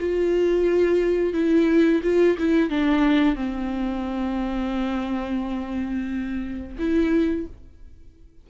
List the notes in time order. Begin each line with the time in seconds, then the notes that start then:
0.00 F4
1.33 E4
2.03 F4
2.38 E4
2.70 D4
3.36 C4
6.79 E4